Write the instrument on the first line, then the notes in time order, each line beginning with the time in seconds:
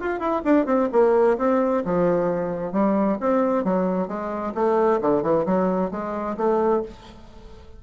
bassoon
0.00 F4
0.19 E4
0.44 D4
0.66 C4
0.92 A#3
1.38 C4
1.85 F3
2.72 G3
3.20 C4
3.64 F#3
4.07 G#3
4.55 A3
5.01 D3
5.23 E3
5.45 F#3
5.91 G#3
6.37 A3